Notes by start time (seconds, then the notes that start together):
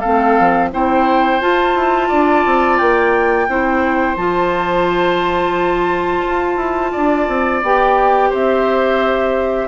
0.00 C4 A4 F5
0.07 A3
0.39 F3
0.72 C4 E4 C5 G5
1.40 F4 A5
1.75 E4
2.08 D4 D5
2.46 C4
2.78 A#3 G5
3.48 C4 E4 C5
4.16 F3 F4 A5
6.27 F4
6.56 E4
6.92 D4 D5
7.28 C4
7.62 B3 G4 G5
8.30 C4 C5 E5